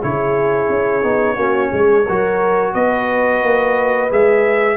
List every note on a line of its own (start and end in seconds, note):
0.00 0.69 C#3
0.00 1.03 E4
0.00 1.36 G#4
0.00 2.74 C#5
0.69 1.03 C#4
1.03 1.36 B3
1.03 1.36 D#4
1.36 1.70 A#3
1.36 2.04 C#4
1.36 1.70 F#4
1.71 2.06 G#3
1.71 2.05 G#4
2.05 2.74 F#3
2.05 4.10 F#4
2.05 2.73 A#4
2.74 3.42 B3
2.74 4.77 B4
2.74 4.10 D#5
3.42 4.11 A#3
4.10 4.77 G#3
4.10 4.77 G#4
4.10 4.77 E5